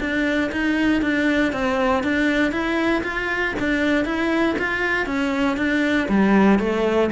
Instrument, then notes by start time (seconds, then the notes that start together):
cello
0.00 D4
0.52 D#4
1.02 D4
1.53 C4
2.04 D4
2.52 E4
3.04 F4
3.59 D4
4.05 E4
4.59 F4
5.06 C#4
5.57 D4
6.09 G3
6.59 A3